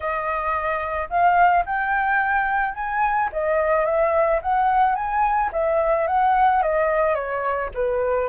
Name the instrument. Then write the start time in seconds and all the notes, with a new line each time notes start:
flute
0.00 D#5
1.09 F5
1.65 G5
2.74 G#5
3.32 D#5
3.85 E5
4.42 F#5
4.95 G#5
5.52 E5
6.07 F#5
6.62 D#5
7.14 C#5
7.74 B4